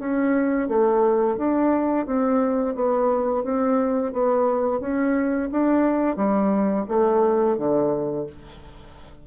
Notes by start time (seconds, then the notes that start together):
0.00 C#4
0.69 A3
1.38 D4
2.06 C4
2.76 B3
3.44 C4
4.13 B3
4.81 C#4
5.52 D4
6.17 G3
6.89 A3
7.58 D3